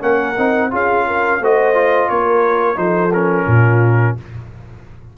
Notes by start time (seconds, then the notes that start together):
0.00 A#3 C#4 A#4 F#5
0.37 C4 D#4
0.70 C#4 F4 G#4 F5
1.07 A#4
1.40 A3 F#4 C5 D#5
1.74 F4
2.08 A#3 A#4 C#5
2.75 F3 D#4 A4 C5
3.13 C#4 A#4
3.46 A#2 F4